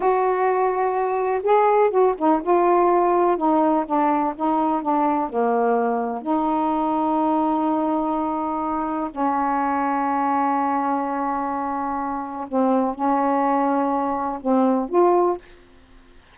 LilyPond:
\new Staff \with { instrumentName = "saxophone" } { \time 4/4 \tempo 4 = 125 fis'2. gis'4 | fis'8 dis'8 f'2 dis'4 | d'4 dis'4 d'4 ais4~ | ais4 dis'2.~ |
dis'2. cis'4~ | cis'1~ | cis'2 c'4 cis'4~ | cis'2 c'4 f'4 | }